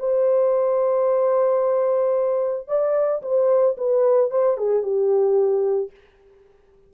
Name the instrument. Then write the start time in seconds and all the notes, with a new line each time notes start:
horn
0.00 C5
2.68 D5
3.23 C5
3.78 B4
4.31 C5
4.58 G#4
4.83 G4